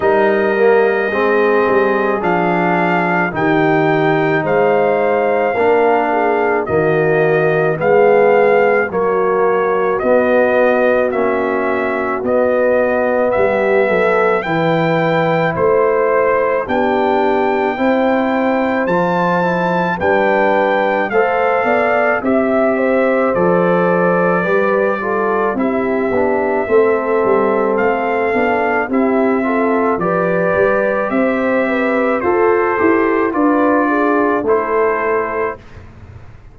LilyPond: <<
  \new Staff \with { instrumentName = "trumpet" } { \time 4/4 \tempo 4 = 54 dis''2 f''4 g''4 | f''2 dis''4 f''4 | cis''4 dis''4 e''4 dis''4 | e''4 g''4 c''4 g''4~ |
g''4 a''4 g''4 f''4 | e''4 d''2 e''4~ | e''4 f''4 e''4 d''4 | e''4 c''4 d''4 c''4 | }
  \new Staff \with { instrumentName = "horn" } { \time 4/4 ais'4 gis'2 g'4 | c''4 ais'8 gis'8 fis'4 gis'4 | fis'1 | g'8 a'8 b'4 c''4 g'4 |
c''2 b'4 c''8 d''8 | e''8 c''4. b'8 a'8 g'4 | a'2 g'8 a'8 b'4 | c''8 b'8 a'4 b'8 gis'8 a'4 | }
  \new Staff \with { instrumentName = "trombone" } { \time 4/4 dis'8 ais8 c'4 d'4 dis'4~ | dis'4 d'4 ais4 b4 | ais4 b4 cis'4 b4~ | b4 e'2 d'4 |
e'4 f'8 e'8 d'4 a'4 | g'4 a'4 g'8 f'8 e'8 d'8 | c'4. d'8 e'8 f'8 g'4~ | g'4 a'8 g'8 f'4 e'4 | }
  \new Staff \with { instrumentName = "tuba" } { \time 4/4 g4 gis8 g8 f4 dis4 | gis4 ais4 dis4 gis4 | fis4 b4 ais4 b4 | g8 fis8 e4 a4 b4 |
c'4 f4 g4 a8 b8 | c'4 f4 g4 c'8 b8 | a8 g8 a8 b8 c'4 f8 g8 | c'4 f'8 e'8 d'4 a4 | }
>>